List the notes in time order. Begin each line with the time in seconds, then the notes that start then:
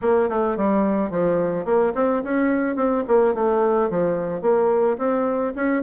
0.02 A#3
0.29 A3
0.56 G3
1.10 F3
1.65 A#3
1.94 C4
2.23 C#4
2.76 C4
3.07 A#3
3.34 A3
3.90 F3
4.41 A#3
4.97 C4
5.55 C#4